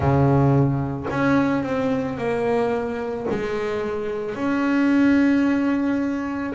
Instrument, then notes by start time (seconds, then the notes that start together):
double bass
0.00 C#3
1.10 C#4
1.63 C4
2.17 A#3
3.30 G#3
4.35 C#4